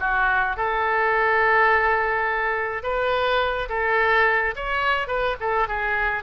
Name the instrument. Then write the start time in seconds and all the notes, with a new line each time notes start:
oboe
0.00 F#4
0.57 A4
2.83 B4
3.69 A4
4.56 C#5
5.08 B4
5.41 A4
5.68 G#4